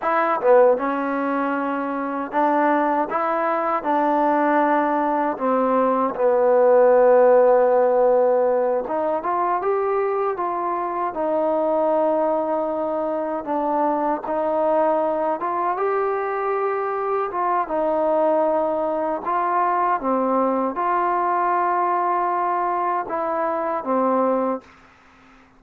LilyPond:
\new Staff \with { instrumentName = "trombone" } { \time 4/4 \tempo 4 = 78 e'8 b8 cis'2 d'4 | e'4 d'2 c'4 | b2.~ b8 dis'8 | f'8 g'4 f'4 dis'4.~ |
dis'4. d'4 dis'4. | f'8 g'2 f'8 dis'4~ | dis'4 f'4 c'4 f'4~ | f'2 e'4 c'4 | }